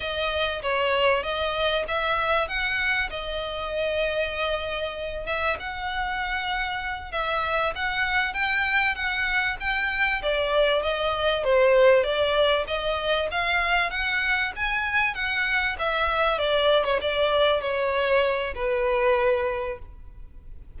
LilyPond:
\new Staff \with { instrumentName = "violin" } { \time 4/4 \tempo 4 = 97 dis''4 cis''4 dis''4 e''4 | fis''4 dis''2.~ | dis''8 e''8 fis''2~ fis''8 e''8~ | e''8 fis''4 g''4 fis''4 g''8~ |
g''8 d''4 dis''4 c''4 d''8~ | d''8 dis''4 f''4 fis''4 gis''8~ | gis''8 fis''4 e''4 d''8. cis''16 d''8~ | d''8 cis''4. b'2 | }